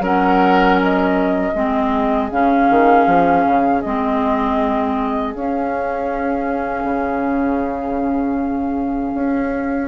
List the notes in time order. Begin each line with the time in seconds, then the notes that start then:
0.00 F#3 C#4 A#4 F#5
0.82 D#5
1.55 G#3 C4 G#4
2.30 C#3 C#4 F5
2.70 D#3
3.07 F3
3.46 C#3
3.82 G#3 C4 D#5
5.34 C#4 F5
6.84 C#3
9.15 C#4